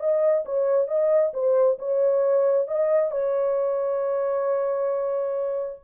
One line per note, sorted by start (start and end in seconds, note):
0.00 0.45 D#5
0.45 0.88 C#5
0.88 1.33 D#5
1.34 1.78 C5
1.79 2.68 C#5
2.68 3.11 D#5
3.11 5.80 C#5